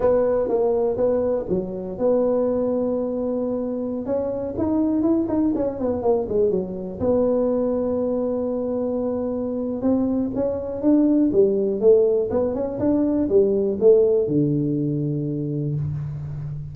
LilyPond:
\new Staff \with { instrumentName = "tuba" } { \time 4/4 \tempo 4 = 122 b4 ais4 b4 fis4 | b1~ | b16 cis'4 dis'4 e'8 dis'8 cis'8 b16~ | b16 ais8 gis8 fis4 b4.~ b16~ |
b1 | c'4 cis'4 d'4 g4 | a4 b8 cis'8 d'4 g4 | a4 d2. | }